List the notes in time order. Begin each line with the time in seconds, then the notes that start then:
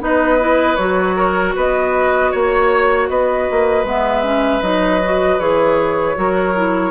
0.00 B3 D#4 B4 D#5
0.39 E4
0.75 F#3 F#4 C#5
1.16 A#4
1.55 B3 B4 D#5
2.31 A#3 C#5
3.09 B3 B4 D#5
3.51 A#3
3.84 G#3 B3 E5
4.23 C#4
4.62 F#3 D#4 D#5
5.04 F#4
5.39 E3 G#4 C#5
6.15 F#3 F#4 A#4
6.55 E4